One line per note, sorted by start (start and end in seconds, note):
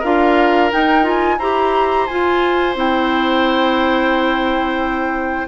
0.00 0.72 D4
0.00 0.72 F4
0.00 1.36 A#4
0.00 0.72 F5
0.72 1.04 D#4
0.72 1.39 D#4
0.72 1.07 G5
1.04 1.38 F4
1.04 1.39 G#5
1.39 2.07 E4
1.39 2.09 G4
1.39 5.48 C5
1.39 2.07 A#5
2.07 2.76 F4
2.07 2.75 G#5
2.76 5.48 C4
2.76 5.48 E4
2.76 5.48 G5